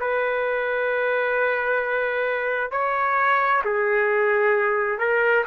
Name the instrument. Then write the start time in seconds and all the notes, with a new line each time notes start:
trumpet
0.00 B4
2.71 C#5
3.64 G#4
4.99 A#4